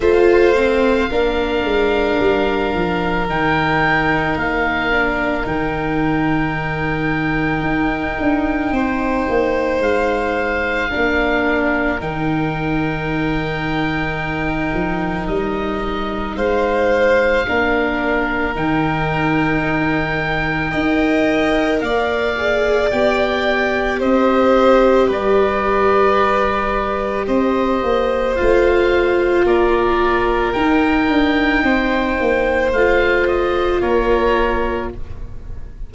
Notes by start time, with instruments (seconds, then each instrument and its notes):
0.00 tuba A3, viola F4, violin C5, oboe F5
0.55 viola C4
1.10 tuba A#3, viola D4, violin A#4
1.64 tuba G#3
2.20 tuba G3
2.74 tuba F3
3.27 tuba D#3, viola D#4, oboe G5
4.35 tuba A#3, oboe F5
4.91 viola D4
5.43 tuba D#3, viola D#4, oboe G5
7.61 tuba D#4
8.20 tuba D4
8.71 tuba C4, violin C5
9.29 tuba A#3
9.79 tuba G#3, oboe F5
10.89 tuba A#3, viola D4, violin A#4
11.99 tuba D#3, viola D#4, oboe G5
14.73 tuba F3
15.27 tuba G3, oboe D#5
16.35 tuba G#3, violin C5, oboe F5
17.46 tuba A#3, viola D4, violin A#4
18.55 tuba D#3, viola D#4, oboe G5
20.70 tuba D#4, viola A#4, violin D#5
21.80 tuba A#3, violin D5, oboe F5
22.37 viola G#4
22.90 tuba B3, viola G4, oboe G5
23.99 tuba C4, violin C5, oboe D#5
25.07 tuba G3, violin B4, oboe D5
27.27 tuba C4, violin C5, oboe D#5
27.82 tuba A#3
28.35 tuba A3, viola F4, oboe F5
29.44 tuba A#3, violin A#4, oboe D5
30.52 viola D#4, tuba D#4, oboe G5
31.08 tuba D4
31.62 tuba C4, violin C5
32.20 tuba A#3
32.72 tuba A3, viola F4, oboe F5
33.27 oboe D#5
33.80 tuba A#3, violin A#4, oboe C#5